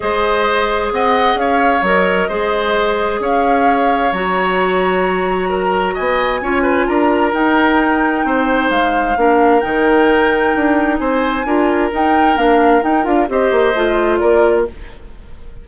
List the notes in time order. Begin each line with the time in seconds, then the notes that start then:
0.00 G#3 G#4 C5 D#5
0.91 C4 D#5 F#5
1.35 C#4 C#5 F5
1.82 F#3 A#4 D#5
2.28 G#3 G#4 C5
3.19 C#4 C#5 F5
4.12 F#3 F#4 A#5
5.49 A#4
5.94 B3 D#5 G#5
6.41 C#4 F4 C#5
6.62 B4
6.87 D4 A#4 A#5
7.32 D#4 G5
8.24 C4 C5
8.70 G#3 F5
9.16 A#3 D4 A#4
9.60 D#3 D#4 G5
10.54 D4
10.98 C4 C5 G#5
11.44 D4 F4 A#4
11.91 D#4 G5
12.36 A#3 D4 F5
12.81 D#4 G5
13.03 D4 F4 F5
13.28 C4 G4 C5 D#5
13.51 A#3
13.74 A3 F4
14.17 A#3 A#4 D5